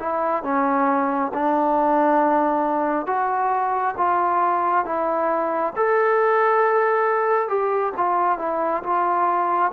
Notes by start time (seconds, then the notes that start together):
0.00 E4
0.43 C#4
1.34 D4
3.07 F#4
3.97 F4
4.85 E4
5.76 A4
7.48 G4
7.97 F4
8.39 E4
8.84 F4